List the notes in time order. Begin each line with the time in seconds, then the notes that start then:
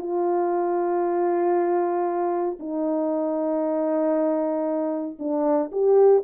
0.00 F4
2.60 D#4
5.20 D4
5.72 G4